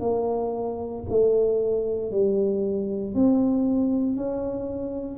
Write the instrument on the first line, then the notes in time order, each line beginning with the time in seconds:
tuba
0.00 A#3
1.10 A3
2.11 G3
3.14 C4
4.16 C#4